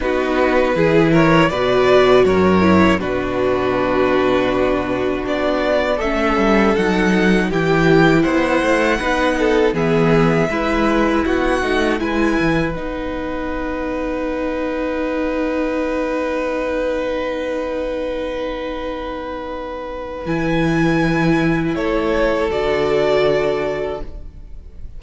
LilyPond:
<<
  \new Staff \with { instrumentName = "violin" } { \time 4/4 \tempo 4 = 80 b'4. cis''8 d''4 cis''4 | b'2. d''4 | e''4 fis''4 g''4 fis''4~ | fis''4 e''2 fis''4 |
gis''4 fis''2.~ | fis''1~ | fis''2. gis''4~ | gis''4 cis''4 d''2 | }
  \new Staff \with { instrumentName = "violin" } { \time 4/4 fis'4 gis'8 ais'8 b'4 ais'4 | fis'1 | a'2 g'4 c''4 | b'8 a'8 gis'4 b'4 fis'4 |
b'1~ | b'1~ | b'1~ | b'4 a'2. | }
  \new Staff \with { instrumentName = "viola" } { \time 4/4 dis'4 e'4 fis'4. e'8 | d'1 | cis'4 dis'4 e'2 | dis'4 b4 e'4. dis'8 |
e'4 dis'2.~ | dis'1~ | dis'2. e'4~ | e'2 fis'2 | }
  \new Staff \with { instrumentName = "cello" } { \time 4/4 b4 e4 b,4 fis,4 | b,2. b4 | a8 g8 fis4 e4 b8 a8 | b4 e4 gis4 b8 a8 |
gis8 e8 b2.~ | b1~ | b2. e4~ | e4 a4 d2 | }
>>